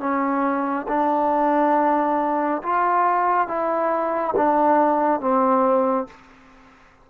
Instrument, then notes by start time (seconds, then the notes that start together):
trombone
0.00 C#4
0.89 D4
2.63 F4
3.48 E4
4.37 D4
5.21 C4